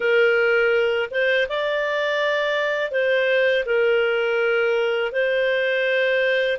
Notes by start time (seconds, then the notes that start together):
0.00 A#4
1.10 C5
1.48 D5
2.91 C5
3.65 A#4
5.12 C5